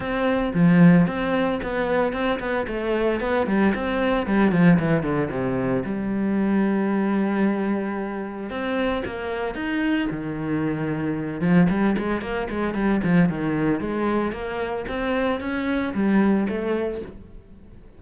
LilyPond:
\new Staff \with { instrumentName = "cello" } { \time 4/4 \tempo 4 = 113 c'4 f4 c'4 b4 | c'8 b8 a4 b8 g8 c'4 | g8 f8 e8 d8 c4 g4~ | g1 |
c'4 ais4 dis'4 dis4~ | dis4. f8 g8 gis8 ais8 gis8 | g8 f8 dis4 gis4 ais4 | c'4 cis'4 g4 a4 | }